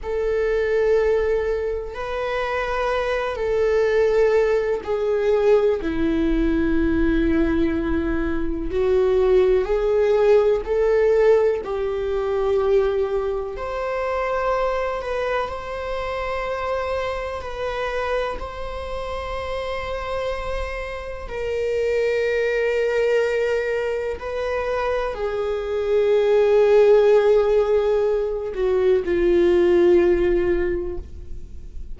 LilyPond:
\new Staff \with { instrumentName = "viola" } { \time 4/4 \tempo 4 = 62 a'2 b'4. a'8~ | a'4 gis'4 e'2~ | e'4 fis'4 gis'4 a'4 | g'2 c''4. b'8 |
c''2 b'4 c''4~ | c''2 ais'2~ | ais'4 b'4 gis'2~ | gis'4. fis'8 f'2 | }